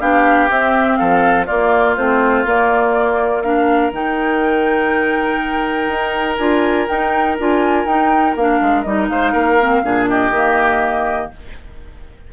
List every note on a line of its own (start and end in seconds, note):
0.00 0.49 B3
0.00 0.48 D4
0.00 0.99 G4
0.00 0.49 F5
0.48 1.47 C4
0.48 0.99 C4
0.48 0.96 E5
0.96 1.49 F3
0.96 1.46 A4
0.96 1.45 F5
1.46 1.97 A#3
1.46 1.98 A#3
1.46 3.43 F4
1.46 1.95 D5
1.97 2.45 A3
1.97 2.46 C4
1.97 2.46 C5
2.45 3.92 A#3
2.45 3.44 A#3
2.45 3.42 D5
3.42 3.92 D4
3.42 9.10 A#4
3.42 3.91 F5
3.92 5.88 D#3
3.92 6.38 D#4
3.92 6.37 G5
5.88 6.37 D#4
6.37 6.87 D4
6.37 6.88 F4
6.37 6.87 G#5
6.87 7.38 D#4
6.87 7.39 D#4
6.87 7.37 G5
7.38 7.85 D4
7.38 7.87 F4
7.38 7.86 G#5
7.85 8.34 D#4
7.85 8.36 D#4
7.85 8.35 G5
8.35 8.60 A#3
8.35 8.86 D4
8.35 8.82 F5
8.61 8.85 G#3
8.82 9.09 G3
8.82 9.60 D#4
8.82 9.07 D#5
9.09 9.33 G#3
9.09 9.32 C5
9.09 10.07 F5
9.32 9.82 A#3
9.32 9.82 A#4
9.60 9.84 C4
9.84 10.30 A#2
9.84 10.33 D4
9.84 10.09 G#4
10.08 11.32 G4
10.08 11.31 D#5
10.30 11.28 D#3
10.30 11.32 A#3